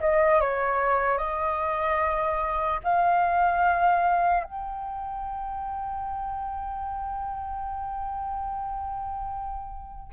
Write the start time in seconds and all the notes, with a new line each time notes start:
0.00 D#5
0.41 C#5
1.18 D#5
2.83 F5
4.43 G5